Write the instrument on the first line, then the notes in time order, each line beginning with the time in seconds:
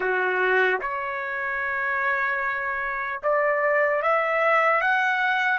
trumpet
0.00 F#4
0.81 C#5
3.23 D5
4.02 E5
4.81 F#5